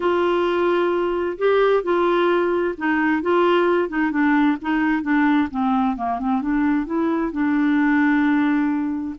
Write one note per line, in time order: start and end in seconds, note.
0.00 1.37 F4
1.38 1.83 G4
1.83 2.74 F4
2.77 3.22 D#4
3.22 3.88 F4
3.88 4.11 D#4
4.11 4.57 D4
4.61 5.02 D#4
5.02 5.48 D4
5.50 5.96 C4
5.96 6.19 A#3
6.19 6.41 C4
6.41 6.86 D4
6.86 7.32 E4
7.32 9.15 D4